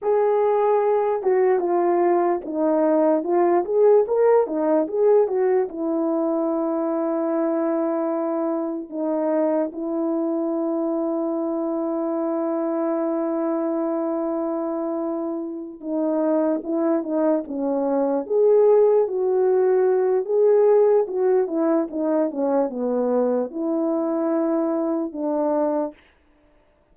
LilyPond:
\new Staff \with { instrumentName = "horn" } { \time 4/4 \tempo 4 = 74 gis'4. fis'8 f'4 dis'4 | f'8 gis'8 ais'8 dis'8 gis'8 fis'8 e'4~ | e'2. dis'4 | e'1~ |
e'2.~ e'8 dis'8~ | dis'8 e'8 dis'8 cis'4 gis'4 fis'8~ | fis'4 gis'4 fis'8 e'8 dis'8 cis'8 | b4 e'2 d'4 | }